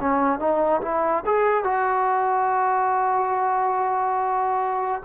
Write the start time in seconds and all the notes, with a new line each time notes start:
0.00 C#4
0.39 D#4
0.82 E4
1.26 G#4
1.64 F#4